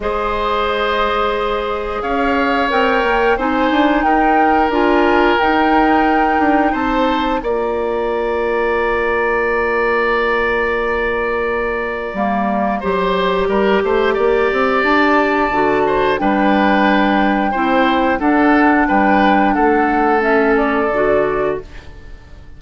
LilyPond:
<<
  \new Staff \with { instrumentName = "flute" } { \time 4/4 \tempo 4 = 89 dis''2. f''4 | g''4 gis''4 g''4 gis''4 | g''2 a''4 ais''4~ | ais''1~ |
ais''1~ | ais''2 a''2 | g''2. fis''4 | g''4 fis''4 e''8 d''4. | }
  \new Staff \with { instrumentName = "oboe" } { \time 4/4 c''2. cis''4~ | cis''4 c''4 ais'2~ | ais'2 c''4 d''4~ | d''1~ |
d''2. c''4 | ais'8 c''8 d''2~ d''8 c''8 | b'2 c''4 a'4 | b'4 a'2. | }
  \new Staff \with { instrumentName = "clarinet" } { \time 4/4 gis'1 | ais'4 dis'2 f'4 | dis'2. f'4~ | f'1~ |
f'2 ais4 g'4~ | g'2. fis'4 | d'2 e'4 d'4~ | d'2 cis'4 fis'4 | }
  \new Staff \with { instrumentName = "bassoon" } { \time 4/4 gis2. cis'4 | c'8 ais8 c'8 d'8 dis'4 d'4 | dis'4. d'8 c'4 ais4~ | ais1~ |
ais2 g4 fis4 | g8 a8 ais8 c'8 d'4 d4 | g2 c'4 d'4 | g4 a2 d4 | }
>>